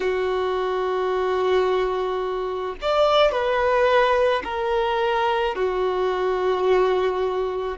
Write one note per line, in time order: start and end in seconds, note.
0.00 2.75 F#4
2.81 3.31 D5
3.31 4.42 B4
4.43 5.55 A#4
5.55 7.77 F#4